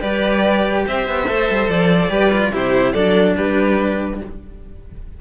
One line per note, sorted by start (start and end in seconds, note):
0.00 0.86 G3
0.00 1.25 G4
0.00 0.86 B4
0.00 0.85 D5
0.87 1.08 C4
0.87 2.11 C5
0.87 1.70 E5
1.08 1.29 B3
1.28 1.50 A3
1.28 2.11 A4
1.51 1.69 G3
1.69 2.10 F3
1.69 2.53 D5
2.10 2.51 G3
2.10 2.31 G4
2.10 2.53 B4
2.32 2.53 F4
2.53 2.95 C3
2.53 2.94 E4
2.53 2.94 G4
2.53 2.93 C5
2.93 3.36 F#3
2.93 4.22 D4
2.93 3.36 A4
2.93 3.34 D5
3.37 4.21 G3
3.37 4.21 G4
3.37 4.21 B4